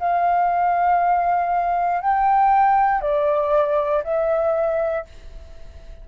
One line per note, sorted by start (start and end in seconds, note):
0.00 2.02 F5
2.02 3.02 G5
3.02 4.04 D5
4.04 5.06 E5